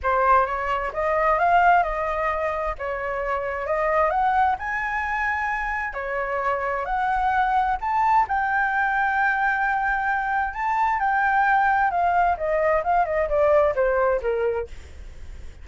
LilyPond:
\new Staff \with { instrumentName = "flute" } { \time 4/4 \tempo 4 = 131 c''4 cis''4 dis''4 f''4 | dis''2 cis''2 | dis''4 fis''4 gis''2~ | gis''4 cis''2 fis''4~ |
fis''4 a''4 g''2~ | g''2. a''4 | g''2 f''4 dis''4 | f''8 dis''8 d''4 c''4 ais'4 | }